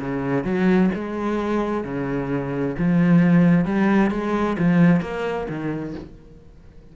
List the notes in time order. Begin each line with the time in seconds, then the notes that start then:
0.00 C#3
0.45 F#3
0.95 G#3
1.84 C#3
2.78 F3
3.65 G3
4.11 G#3
4.59 F3
5.01 A#3
5.49 D#3